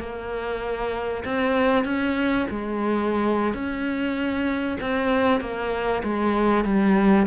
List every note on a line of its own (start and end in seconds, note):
0.00 1.24 A#3
1.25 1.85 C4
1.85 2.47 C#4
2.50 3.54 G#3
3.54 4.77 C#4
4.81 5.41 C4
5.41 6.03 A#3
6.03 6.65 G#3
6.65 7.27 G3